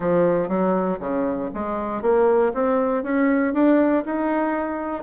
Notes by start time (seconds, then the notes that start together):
0.00 F3
0.48 F#3
0.99 C#3
1.54 G#3
2.02 A#3
2.54 C4
3.03 C#4
3.53 D4
4.05 D#4